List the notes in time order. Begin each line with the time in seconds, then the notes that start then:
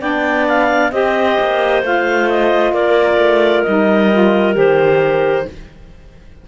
0.00 B3 D4 D5 G5
0.48 F5
0.92 C4 G4 C5 D#5
1.41 A#3
1.83 A3 F4 F5
2.30 D#5
2.72 A#3 A#4 D5
3.18 A3
3.63 G3 D#4 D#5
4.13 F4
4.55 D#3 G4 C5